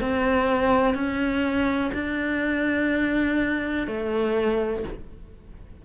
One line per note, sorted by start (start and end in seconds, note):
0.00 0.94 C4
0.94 1.91 C#4
1.93 3.87 D4
3.87 4.83 A3